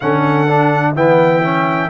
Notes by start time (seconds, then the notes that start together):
0.00 D3 C#4 A4 F#5
0.47 D4
0.94 E3 B3 E5 G5
1.43 C#4